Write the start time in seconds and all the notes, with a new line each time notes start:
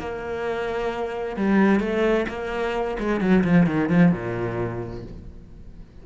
0.00 A#3
1.37 G3
1.80 A3
2.29 A#3
3.00 G#3
3.21 F#3
3.44 F3
3.67 D#3
3.90 F3
4.12 A#2